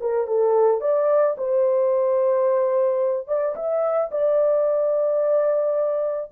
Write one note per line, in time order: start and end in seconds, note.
0.00 0.27 A#4
0.27 0.81 A4
0.81 1.36 D5
1.37 3.27 C5
3.27 3.55 D5
3.55 4.10 E5
4.11 6.31 D5